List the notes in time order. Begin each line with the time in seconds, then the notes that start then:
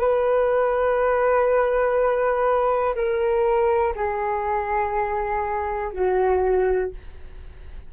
0.00 B4
2.96 A#4
3.96 G#4
5.93 F#4